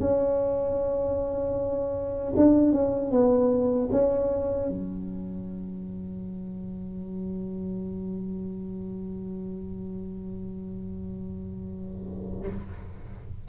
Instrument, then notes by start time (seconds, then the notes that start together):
tuba
0.00 C#4
2.37 D4
2.73 C#4
3.12 B3
3.92 C#4
4.70 F#3